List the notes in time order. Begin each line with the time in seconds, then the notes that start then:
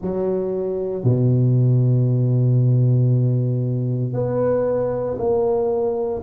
0.01 F#3
1.03 B2
4.13 B3
5.18 A#3